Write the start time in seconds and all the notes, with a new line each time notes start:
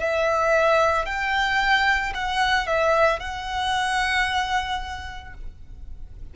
0.00 E5
1.05 G5
2.14 F#5
2.67 E5
3.19 F#5